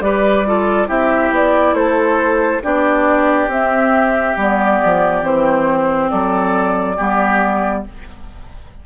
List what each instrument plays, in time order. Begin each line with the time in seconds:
0.00 bassoon G3, clarinet G4, oboe B4, flute D5
0.46 clarinet F4, oboe A4
0.86 bassoon C4, clarinet E4, oboe G4, flute E5
1.30 bassoon B3, flute D5
1.73 bassoon A3, oboe A4, flute C5
2.62 bassoon B3, clarinet D4, oboe G4, flute D5
3.47 bassoon C4, clarinet C4, flute E5
4.36 bassoon G3, clarinet B3, flute D5
4.84 bassoon F3
5.22 bassoon E3, clarinet C4, flute C5
6.09 bassoon F#3, oboe A4, flute D5
6.96 bassoon G3, clarinet B3, oboe G4